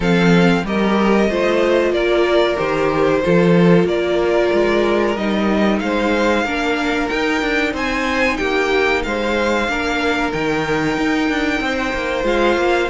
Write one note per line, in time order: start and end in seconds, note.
0.00 0.63 F3
0.00 0.65 C4
0.00 0.63 A4
0.00 0.66 F5
0.64 1.29 G3
0.64 1.29 G4
0.64 1.29 A#4
0.64 1.93 D#5
1.29 1.92 A3
1.29 2.57 F4
1.29 1.92 C5
1.92 2.56 A#3
1.92 3.21 A#4
1.92 2.57 D5
2.57 3.23 D#3
2.57 3.21 G4
2.57 3.86 C5
3.23 3.85 F3
3.23 5.17 F4
3.23 3.88 A4
3.85 4.49 A#3
3.85 5.82 A#4
3.85 5.16 D5
4.53 5.16 G#3
5.16 5.81 G3
5.16 6.46 D#4
5.16 5.79 D#5
5.79 6.44 G#3
5.79 6.44 C5
5.79 7.08 F5
6.44 7.09 A#3
6.44 7.10 D4
6.44 7.72 A#4
7.08 9.68 D#4
7.08 7.41 D#4
7.08 7.72 G5
7.41 7.73 D4
7.72 8.38 C4
7.72 8.37 C5
7.72 8.37 G#5
8.37 9.05 A#3
8.37 9.02 G4
8.37 9.01 G5
9.03 9.68 G#3
9.03 9.70 C5
9.03 10.32 F5
9.68 10.32 A#3
9.68 10.32 D4
9.68 11.64 A#4
10.32 10.97 D#3
10.32 12.23 D#4
10.32 12.25 G5
10.97 11.29 D#4
11.29 11.60 D4
11.60 11.92 C4
11.60 12.89 C5
11.93 12.24 A#3
12.23 12.56 G#3
12.23 12.88 F4
12.23 12.89 F5
12.56 12.88 A#3